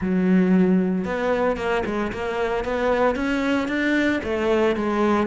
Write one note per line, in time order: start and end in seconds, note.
0.01 1.04 F#3
1.04 1.56 B3
1.56 1.83 A#3
1.85 2.12 G#3
2.12 2.64 A#3
2.64 3.15 B3
3.15 3.67 C#4
3.67 4.20 D4
4.23 4.76 A3
4.76 5.26 G#3